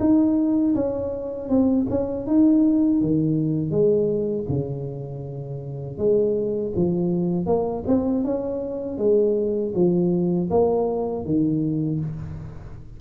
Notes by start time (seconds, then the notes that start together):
0.00 D#4
0.75 C#4
1.49 C4
1.90 C#4
2.27 D#4
3.02 D#3
3.71 G#3
4.49 C#3
5.98 G#3
6.76 F3
7.46 A#3
7.87 C4
8.25 C#4
8.98 G#3
9.75 F3
10.51 A#3
11.25 D#3